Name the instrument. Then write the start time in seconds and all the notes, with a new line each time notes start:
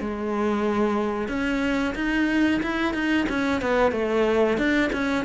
cello
0.00 G#3
1.28 C#4
1.95 D#4
2.63 E4
2.94 D#4
3.29 C#4
3.61 B3
3.92 A3
4.58 D4
4.93 C#4